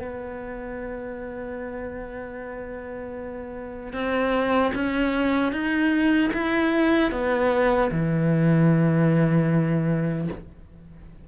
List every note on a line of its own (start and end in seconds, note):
0.00 3.93 B3
3.93 4.72 C4
4.75 5.52 C#4
5.52 6.31 D#4
6.33 7.12 E4
7.12 7.91 B3
7.92 10.28 E3